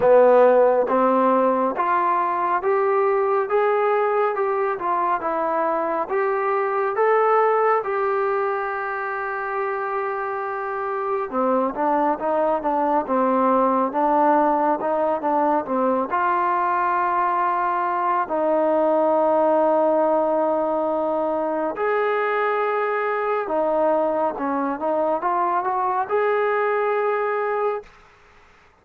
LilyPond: \new Staff \with { instrumentName = "trombone" } { \time 4/4 \tempo 4 = 69 b4 c'4 f'4 g'4 | gis'4 g'8 f'8 e'4 g'4 | a'4 g'2.~ | g'4 c'8 d'8 dis'8 d'8 c'4 |
d'4 dis'8 d'8 c'8 f'4.~ | f'4 dis'2.~ | dis'4 gis'2 dis'4 | cis'8 dis'8 f'8 fis'8 gis'2 | }